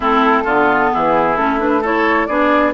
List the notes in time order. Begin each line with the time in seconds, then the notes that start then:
0.00 A3 C4 E4 A4
0.44 D3 B3 F4
0.93 E3 E4 G#4
1.36 A3 C#4 A4
1.59 D4 B4
1.81 E4 A4 C#5
2.26 B3 D4 G#4 D5